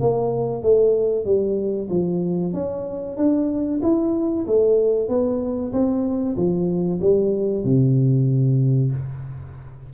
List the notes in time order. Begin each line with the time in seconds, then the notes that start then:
0.00 A#3
0.62 A3
1.24 G3
1.89 F3
2.53 C#4
3.17 D4
3.82 E4
4.46 A3
5.08 B3
5.72 C4
6.36 F3
7.01 G3
7.64 C3